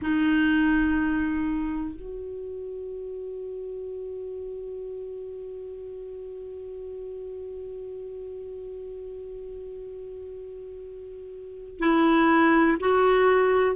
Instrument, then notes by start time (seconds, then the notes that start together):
clarinet
0.01 D#4
1.95 F#4
11.79 E4
12.80 F#4